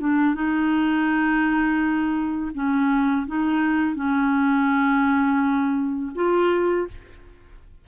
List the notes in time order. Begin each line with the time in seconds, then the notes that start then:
0.00 D4
0.35 D#4
2.54 C#4
3.27 D#4
3.95 C#4
6.15 F4